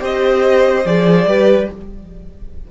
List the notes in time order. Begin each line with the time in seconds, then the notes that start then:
0.00 C4 G4 C5 D#5
0.85 F3 G#4 D5
1.26 G3 G4 B4